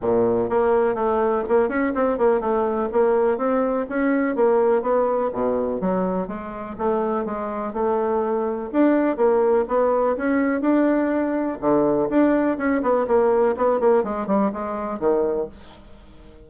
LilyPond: \new Staff \with { instrumentName = "bassoon" } { \time 4/4 \tempo 4 = 124 ais,4 ais4 a4 ais8 cis'8 | c'8 ais8 a4 ais4 c'4 | cis'4 ais4 b4 b,4 | fis4 gis4 a4 gis4 |
a2 d'4 ais4 | b4 cis'4 d'2 | d4 d'4 cis'8 b8 ais4 | b8 ais8 gis8 g8 gis4 dis4 | }